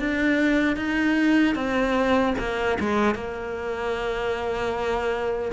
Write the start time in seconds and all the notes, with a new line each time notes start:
0.00 D4
0.76 D#4
1.55 C4
2.39 A#3
2.80 G#3
3.15 A#3